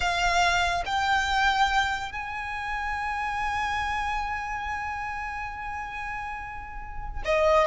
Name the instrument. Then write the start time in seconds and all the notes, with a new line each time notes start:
violin
0.00 F5
0.85 G5
2.12 G#5
7.25 D#5